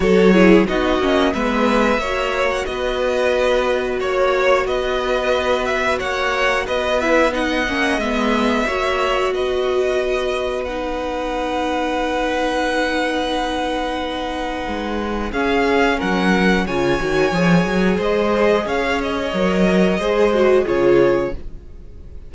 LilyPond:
<<
  \new Staff \with { instrumentName = "violin" } { \time 4/4 \tempo 4 = 90 cis''4 dis''4 e''4.~ e''16 fis''16 | dis''2 cis''4 dis''4~ | dis''8 e''8 fis''4 dis''8 e''8 fis''4 | e''2 dis''2 |
fis''1~ | fis''2. f''4 | fis''4 gis''2 dis''4 | f''8 dis''2~ dis''8 cis''4 | }
  \new Staff \with { instrumentName = "violin" } { \time 4/4 a'8 gis'8 fis'4 b'4 cis''4 | b'2 cis''4 b'4~ | b'4 cis''4 b'4 dis''4~ | dis''4 cis''4 b'2~ |
b'1~ | b'2. gis'4 | ais'4 cis''2 c''4 | cis''2 c''4 gis'4 | }
  \new Staff \with { instrumentName = "viola" } { \time 4/4 fis'8 e'8 dis'8 cis'8 b4 fis'4~ | fis'1~ | fis'2~ fis'8 e'8 dis'8 cis'8 | b4 fis'2. |
dis'1~ | dis'2. cis'4~ | cis'4 f'8 fis'8 gis'2~ | gis'4 ais'4 gis'8 fis'8 f'4 | }
  \new Staff \with { instrumentName = "cello" } { \time 4/4 fis4 b8 ais8 gis4 ais4 | b2 ais4 b4~ | b4 ais4 b4. ais8 | gis4 ais4 b2~ |
b1~ | b2 gis4 cis'4 | fis4 cis8 dis8 f8 fis8 gis4 | cis'4 fis4 gis4 cis4 | }
>>